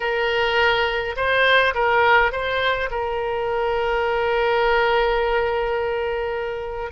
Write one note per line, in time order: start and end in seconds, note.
0.00 1.15 A#4
1.16 1.74 C5
1.74 2.32 A#4
2.32 2.89 C5
2.90 6.91 A#4